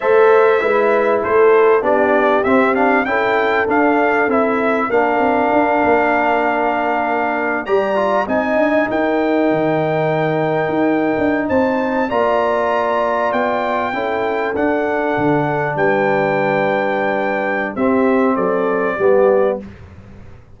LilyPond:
<<
  \new Staff \with { instrumentName = "trumpet" } { \time 4/4 \tempo 4 = 98 e''2 c''4 d''4 | e''8 f''8 g''4 f''4 e''4 | f''1~ | f''8 ais''4 gis''4 g''4.~ |
g''2~ g''8. a''4 ais''16~ | ais''4.~ ais''16 g''2 fis''16~ | fis''4.~ fis''16 g''2~ g''16~ | g''4 e''4 d''2 | }
  \new Staff \with { instrumentName = "horn" } { \time 4/4 c''4 b'4 a'4 g'4~ | g'4 a'2. | ais'1~ | ais'8 d''4 dis''4 ais'4.~ |
ais'2~ ais'8. c''4 d''16~ | d''2~ d''8. a'4~ a'16~ | a'4.~ a'16 b'2~ b'16~ | b'4 g'4 a'4 g'4 | }
  \new Staff \with { instrumentName = "trombone" } { \time 4/4 a'4 e'2 d'4 | c'8 d'8 e'4 d'4 e'4 | d'1~ | d'8 g'8 f'8 dis'2~ dis'8~ |
dis'2.~ dis'8. f'16~ | f'2~ f'8. e'4 d'16~ | d'1~ | d'4 c'2 b4 | }
  \new Staff \with { instrumentName = "tuba" } { \time 4/4 a4 gis4 a4 b4 | c'4 cis'4 d'4 c'4 | ais8 c'8 d'8 ais2~ ais8~ | ais8 g4 c'8 d'8 dis'4 dis8~ |
dis4. dis'8. d'8 c'4 ais16~ | ais4.~ ais16 b4 cis'4 d'16~ | d'8. d4 g2~ g16~ | g4 c'4 fis4 g4 | }
>>